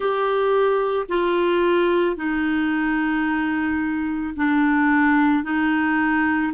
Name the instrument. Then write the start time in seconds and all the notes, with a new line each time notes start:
clarinet
0.00 G4
1.09 F4
2.16 D#4
4.36 D4
5.43 D#4